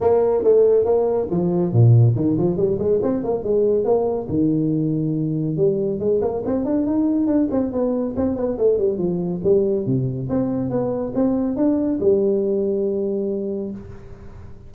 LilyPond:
\new Staff \with { instrumentName = "tuba" } { \time 4/4 \tempo 4 = 140 ais4 a4 ais4 f4 | ais,4 dis8 f8 g8 gis8 c'8 ais8 | gis4 ais4 dis2~ | dis4 g4 gis8 ais8 c'8 d'8 |
dis'4 d'8 c'8 b4 c'8 b8 | a8 g8 f4 g4 c4 | c'4 b4 c'4 d'4 | g1 | }